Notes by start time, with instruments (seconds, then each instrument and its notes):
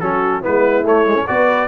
0.00 tuba F#3, trombone C#4, horn F#4, trumpet A4
0.41 trombone B3, horn E4, trumpet B4
0.47 tuba G#3
0.84 tuba A3, trombone A3, trumpet C#5
1.07 trombone G#3
1.15 trombone C#4
1.28 tuba B3, trombone F#4, horn B4, trumpet D5